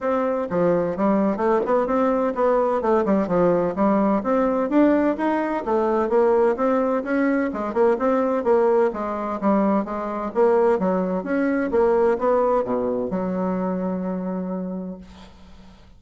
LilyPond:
\new Staff \with { instrumentName = "bassoon" } { \time 4/4 \tempo 4 = 128 c'4 f4 g4 a8 b8 | c'4 b4 a8 g8 f4 | g4 c'4 d'4 dis'4 | a4 ais4 c'4 cis'4 |
gis8 ais8 c'4 ais4 gis4 | g4 gis4 ais4 fis4 | cis'4 ais4 b4 b,4 | fis1 | }